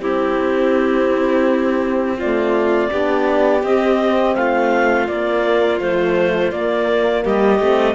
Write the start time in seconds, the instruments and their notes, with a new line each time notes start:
0.00 cello C4, horn C4, violin E4, clarinet G4
2.17 horn A3, violin F4, clarinet D5
2.90 cello B3, horn D4, violin G4
3.63 cello C4, horn C4, clarinet D#5
4.35 cello A3, violin F4, clarinet F5
5.07 cello A#3, horn A#3, clarinet D5
5.80 horn F3, cello A3, clarinet C5
6.52 cello A#3, horn A#3, clarinet D5
7.23 cello G3, violin G4, clarinet D#5
7.59 cello A3, horn C4